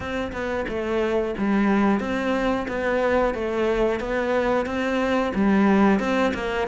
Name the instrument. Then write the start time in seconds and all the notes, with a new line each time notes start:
cello
0.00 C4
0.32 B3
0.68 A3
1.38 G3
2.00 C4
2.68 B3
3.34 A3
4.00 B3
4.65 C4
5.34 G3
5.99 C4
6.34 A#3